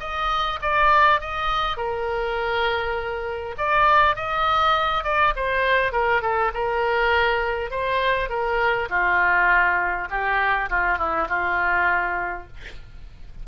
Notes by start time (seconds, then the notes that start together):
0.00 D#5
0.62 D5
1.21 D#5
1.77 A#4
3.58 D5
4.16 D#5
5.04 D5
5.36 C5
5.92 A#4
6.22 A4
6.54 A#4
7.71 C5
8.29 A#4
8.89 F4
10.10 G4
10.70 F4
10.98 E4
11.29 F4